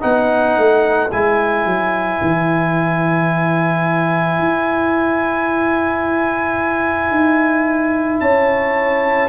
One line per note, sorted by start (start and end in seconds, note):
0.00 0.57 B3
0.00 1.09 D#4
0.00 8.19 B4
0.00 1.11 F#5
0.57 1.12 A3
1.11 1.65 G#3
1.11 9.29 E4
1.11 8.20 G#5
1.65 2.20 F#3
2.21 4.38 E3
4.38 7.11 E4
7.11 8.20 D#4
8.20 9.29 C#4
8.20 9.29 C#5
8.20 9.29 A5